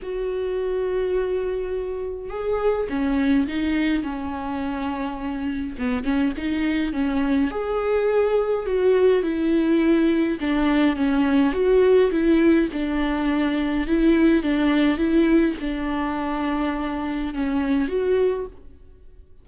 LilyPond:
\new Staff \with { instrumentName = "viola" } { \time 4/4 \tempo 4 = 104 fis'1 | gis'4 cis'4 dis'4 cis'4~ | cis'2 b8 cis'8 dis'4 | cis'4 gis'2 fis'4 |
e'2 d'4 cis'4 | fis'4 e'4 d'2 | e'4 d'4 e'4 d'4~ | d'2 cis'4 fis'4 | }